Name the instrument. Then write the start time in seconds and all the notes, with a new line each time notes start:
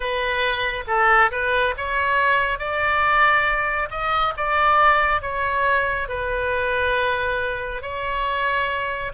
oboe
0.00 B4
0.87 A4
1.30 B4
1.77 C#5
2.58 D5
3.90 D#5
4.37 D5
5.21 C#5
6.08 B4
7.82 C#5